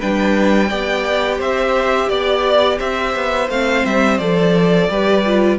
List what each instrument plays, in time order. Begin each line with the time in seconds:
0.00 cello G3, viola D4, violin B4 G5
0.69 cello B3, viola G4, violin D5
1.38 cello C4, violin C5 E5
2.09 cello B3, violin D5
2.79 cello C4, violin C5 E5
3.16 cello B3
3.49 cello A3, viola C4, violin F5
3.86 cello G3, violin E5
4.18 cello F3, viola A4, violin D5
4.89 cello G3, viola G4, violin B4
5.27 viola F4